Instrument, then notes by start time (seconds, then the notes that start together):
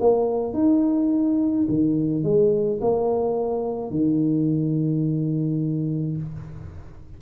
tuba
0.00 A#3
0.54 D#4
1.69 D#3
2.24 G#3
2.81 A#3
3.91 D#3